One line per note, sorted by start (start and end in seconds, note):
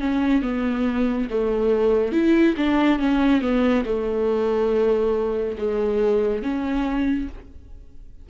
0.00 0.43 C#4
0.43 1.29 B3
1.31 2.12 A3
2.12 2.55 E4
2.58 2.99 D4
2.99 3.42 C#4
3.42 3.85 B3
3.86 5.57 A3
5.58 6.43 G#3
6.43 7.29 C#4